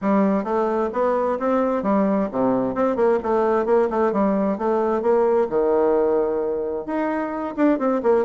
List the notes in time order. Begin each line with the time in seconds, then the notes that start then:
0.01 G3
0.44 A3
0.92 B3
1.39 C4
1.83 G3
2.31 C3
2.74 C4
2.96 A#3
3.22 A3
3.65 A#3
3.90 A3
4.12 G3
4.58 A3
5.02 A#3
5.49 D#3
6.86 D#4
7.56 D4
7.78 C4
8.03 A#3